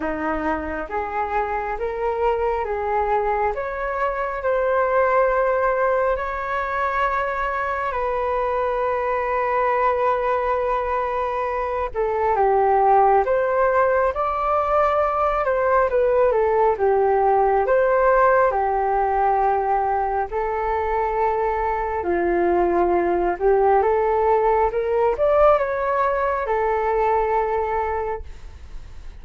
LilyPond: \new Staff \with { instrumentName = "flute" } { \time 4/4 \tempo 4 = 68 dis'4 gis'4 ais'4 gis'4 | cis''4 c''2 cis''4~ | cis''4 b'2.~ | b'4. a'8 g'4 c''4 |
d''4. c''8 b'8 a'8 g'4 | c''4 g'2 a'4~ | a'4 f'4. g'8 a'4 | ais'8 d''8 cis''4 a'2 | }